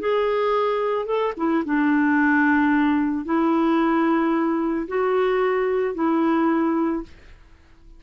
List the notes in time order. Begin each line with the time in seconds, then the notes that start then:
0.00 G#4
1.06 A4
1.37 E4
1.65 D4
3.25 E4
4.88 F#4
5.95 E4